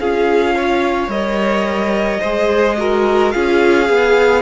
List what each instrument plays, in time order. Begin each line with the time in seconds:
0.00 cello C#4, viola F4, violin G#4 F5
0.55 violin C#5
1.08 cello G3, viola A#4, violin D#5
2.20 cello G#3, viola G#4, violin C5
2.78 viola F#4, violin A#4
3.31 cello C#4, viola F4, violin G#4 F5
3.85 cello B3, viola G#4